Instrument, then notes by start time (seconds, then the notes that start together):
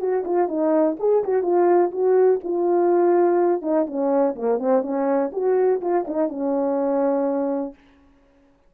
horn
0.00 F#4
0.25 F4
0.48 D#4
1.00 G#4
1.24 F#4
1.43 F4
1.92 F#4
2.44 F4
3.62 D#4
3.87 C#4
4.35 A#3
4.59 C4
4.82 C#4
5.32 F#4
5.81 F4
6.07 D#4
6.29 C#4